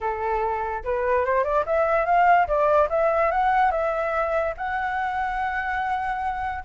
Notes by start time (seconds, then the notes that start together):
0.00 A4
0.84 B4
1.25 C5
1.44 D5
1.66 E5
2.05 F5
2.47 D5
2.89 E5
3.31 F#5
3.71 E5
4.57 F#5